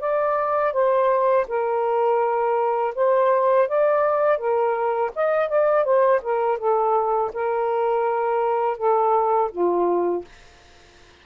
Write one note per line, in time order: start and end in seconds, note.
0.00 0.73 D5
0.73 1.46 C5
1.48 2.94 A#4
2.95 3.68 C5
3.69 4.38 D5
4.38 5.11 A#4
5.16 5.49 D#5
5.49 5.84 D5
5.84 6.21 C5
6.23 6.59 A#4
6.59 7.32 A4
7.33 8.77 A#4
8.77 9.51 A4
9.52 10.25 F4